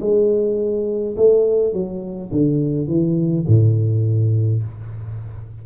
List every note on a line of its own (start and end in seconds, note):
0.00 1.15 G#3
1.16 1.73 A3
1.73 2.31 F#3
2.31 2.87 D3
2.87 3.45 E3
3.47 4.63 A2